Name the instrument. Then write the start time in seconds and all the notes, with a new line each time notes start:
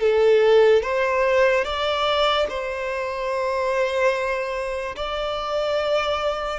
violin
0.00 A4
0.83 C5
1.64 D5
2.49 C5
4.96 D5